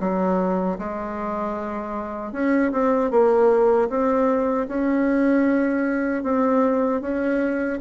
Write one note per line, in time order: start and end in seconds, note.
0.00 0.78 F#3
0.78 2.32 G#3
2.32 2.71 C#4
2.72 3.11 C4
3.11 3.89 A#3
3.89 4.67 C4
4.68 6.23 C#4
6.23 7.01 C4
7.01 7.79 C#4